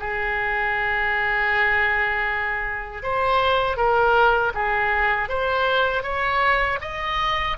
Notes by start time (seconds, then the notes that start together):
0.00 G#4
3.03 C5
3.77 A#4
4.55 G#4
5.29 C5
6.03 C#5
6.81 D#5